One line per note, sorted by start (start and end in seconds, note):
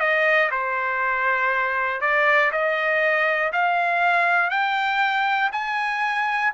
0.00 0.50 D#5
0.51 2.01 C5
2.01 2.51 D5
2.51 3.51 D#5
3.53 4.50 F5
4.50 5.50 G5
5.52 6.52 G#5